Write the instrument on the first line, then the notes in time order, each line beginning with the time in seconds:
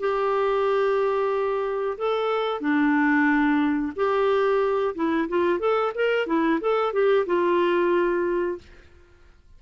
clarinet
0.00 G4
1.98 A4
2.61 D4
3.96 G4
4.95 E4
5.29 F4
5.59 A4
5.95 A#4
6.27 E4
6.61 A4
6.93 G4
7.26 F4